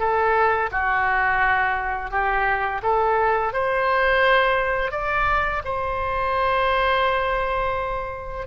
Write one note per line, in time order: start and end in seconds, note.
0.00 0.71 A4
0.72 2.11 F#4
2.11 2.82 G4
2.83 3.54 A4
3.54 4.92 C5
4.92 5.62 D5
5.65 8.47 C5